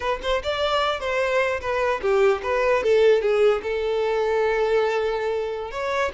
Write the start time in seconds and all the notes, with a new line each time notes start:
0.00 B4
0.22 C5
0.43 D5
1.00 C5
1.60 B4
2.01 G4
2.43 B4
2.83 A4
3.21 G#4
3.62 A4
5.71 C#5